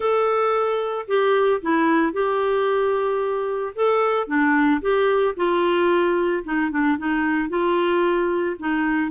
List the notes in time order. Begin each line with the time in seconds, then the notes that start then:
0.00 A4
1.07 G4
1.61 E4
2.13 G4
3.75 A4
4.27 D4
4.81 G4
5.36 F4
6.44 D#4
6.70 D4
6.98 D#4
7.49 F4
8.59 D#4